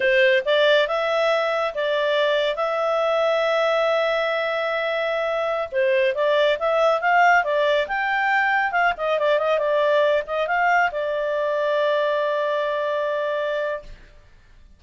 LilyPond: \new Staff \with { instrumentName = "clarinet" } { \time 4/4 \tempo 4 = 139 c''4 d''4 e''2 | d''2 e''2~ | e''1~ | e''4~ e''16 c''4 d''4 e''8.~ |
e''16 f''4 d''4 g''4.~ g''16~ | g''16 f''8 dis''8 d''8 dis''8 d''4. dis''16~ | dis''16 f''4 d''2~ d''8.~ | d''1 | }